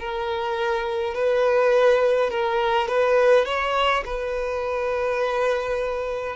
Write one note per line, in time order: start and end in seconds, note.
0.00 1.15 A#4
1.15 2.31 B4
2.31 2.88 A#4
2.88 3.46 B4
3.46 4.04 C#5
4.06 6.37 B4